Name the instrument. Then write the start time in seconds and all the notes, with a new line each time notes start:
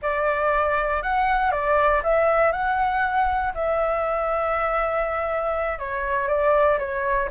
flute
0.02 D5
1.02 F#5
1.51 D5
2.03 E5
2.52 F#5
3.54 E5
5.78 C#5
6.28 D5
6.78 C#5